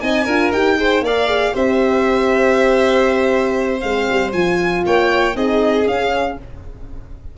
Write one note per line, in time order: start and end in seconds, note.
0.00 0.26 C4
0.00 0.26 D#4
0.00 0.24 D#5
0.00 0.51 G#5
0.24 0.51 D4
0.24 0.53 F4
0.24 0.75 A#4
0.51 1.01 D#4
0.51 0.77 G4
0.51 1.03 G5
0.77 1.02 G#4
0.77 1.04 C5
1.01 1.52 A#3
1.01 1.27 A#4
1.01 1.53 D5
1.01 1.56 F5
1.27 1.52 G#4
1.52 3.83 C4
1.52 3.81 G4
1.52 4.83 C5
1.52 3.80 E5
3.80 4.08 G#3
3.80 4.32 C4
3.80 4.31 F5
4.10 4.32 G3
4.32 4.83 F3
4.32 5.34 F4
4.32 4.83 G#5
4.85 5.35 A#3
4.85 5.36 C#5
4.85 5.36 G5
5.34 5.86 C4
5.34 5.85 D#4
5.34 6.37 G#4
5.34 5.87 D#5
5.87 6.37 C#4
5.87 6.38 C#4
5.87 6.38 F5